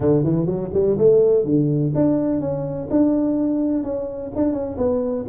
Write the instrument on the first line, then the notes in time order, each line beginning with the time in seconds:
tuba
0.00 D3
0.23 E3
0.46 F#3
0.73 G3
0.98 A3
1.44 D3
1.95 D4
2.40 C#4
2.90 D4
3.83 C#4
4.35 D4
4.52 C#4
4.77 B3